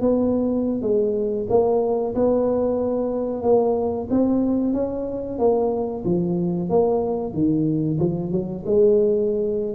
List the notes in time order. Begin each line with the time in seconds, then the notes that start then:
0.00 B3
0.81 G#3
1.49 A#3
2.15 B3
3.42 A#3
4.10 C4
4.73 C#4
5.38 A#3
6.04 F3
6.69 A#3
7.33 D#3
7.99 F3
8.31 F#3
8.65 G#3